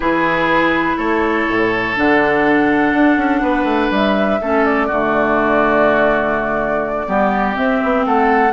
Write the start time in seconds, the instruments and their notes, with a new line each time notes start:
0.00 bassoon E3, clarinet E4, oboe G#4, flute B4
0.97 bassoon A3, oboe A4, flute C#5
1.48 bassoon A2
1.95 bassoon D3, clarinet D4, flute F#5
2.93 bassoon D4
3.16 bassoon C#4
3.41 bassoon B3, oboe B4
3.64 bassoon A3
3.90 bassoon G3, flute E5
4.41 bassoon A3, clarinet C#4, oboe A4
4.64 flute D5
4.86 bassoon D3, clarinet A3, oboe F#4
7.06 bassoon G3, clarinet B3, oboe G4
7.53 clarinet C4, bassoon C4, flute E5
7.83 bassoon B3
8.05 bassoon A3, oboe A4, flute F#5